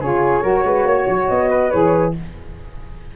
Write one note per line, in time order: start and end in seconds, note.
0.00 0.43 C#3
0.00 0.42 F4
0.00 0.43 G#4
0.00 1.28 C#5
0.42 0.64 F#3
0.42 1.71 F#4
0.42 0.64 A#4
0.64 0.85 G#3
0.64 0.87 B4
0.85 1.07 A#3
0.85 1.50 C#5
1.09 1.30 F#3
1.28 1.73 B3
1.28 1.71 D#5
1.50 2.14 B4
1.71 2.17 E3
1.71 2.15 G#4
1.71 2.13 C#5